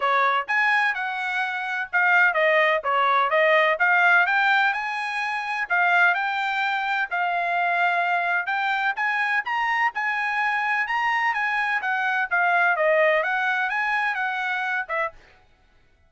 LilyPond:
\new Staff \with { instrumentName = "trumpet" } { \time 4/4 \tempo 4 = 127 cis''4 gis''4 fis''2 | f''4 dis''4 cis''4 dis''4 | f''4 g''4 gis''2 | f''4 g''2 f''4~ |
f''2 g''4 gis''4 | ais''4 gis''2 ais''4 | gis''4 fis''4 f''4 dis''4 | fis''4 gis''4 fis''4. e''8 | }